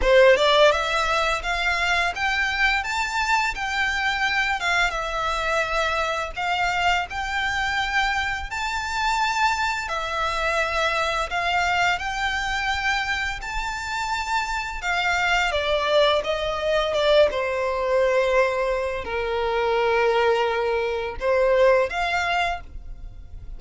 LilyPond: \new Staff \with { instrumentName = "violin" } { \time 4/4 \tempo 4 = 85 c''8 d''8 e''4 f''4 g''4 | a''4 g''4. f''8 e''4~ | e''4 f''4 g''2 | a''2 e''2 |
f''4 g''2 a''4~ | a''4 f''4 d''4 dis''4 | d''8 c''2~ c''8 ais'4~ | ais'2 c''4 f''4 | }